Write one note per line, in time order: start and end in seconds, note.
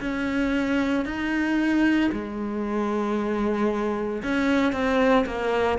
0.00 1.05 C#4
1.05 2.10 D#4
2.11 4.22 G#3
4.22 4.72 C#4
4.72 5.24 C4
5.25 5.78 A#3